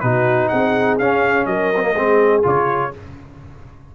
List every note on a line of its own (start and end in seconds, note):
0.00 0.51 B2
0.00 1.00 D#4
0.00 0.50 F#4
0.00 0.48 B4
0.48 0.99 C4
0.48 1.48 G#4
0.48 0.97 F#5
0.98 1.46 C#4
0.98 1.74 C#4
0.98 1.46 F5
1.46 1.94 F#3
1.46 1.92 A#4
1.46 2.43 D#5
1.76 1.94 A#3
1.76 1.82 C4
1.92 2.43 G#3
1.92 2.43 C4
1.92 2.89 G#4
2.43 2.93 C#3
2.43 2.91 F4
2.43 2.95 C#5